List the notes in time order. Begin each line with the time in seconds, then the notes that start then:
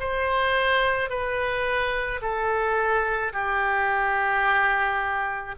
0.00 C5
1.10 B4
2.22 A4
3.33 G4